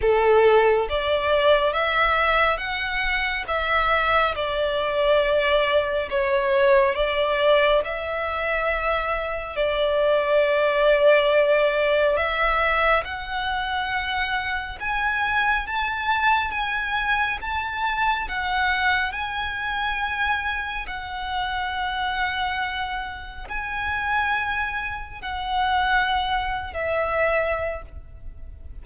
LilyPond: \new Staff \with { instrumentName = "violin" } { \time 4/4 \tempo 4 = 69 a'4 d''4 e''4 fis''4 | e''4 d''2 cis''4 | d''4 e''2 d''4~ | d''2 e''4 fis''4~ |
fis''4 gis''4 a''4 gis''4 | a''4 fis''4 gis''2 | fis''2. gis''4~ | gis''4 fis''4.~ fis''16 e''4~ e''16 | }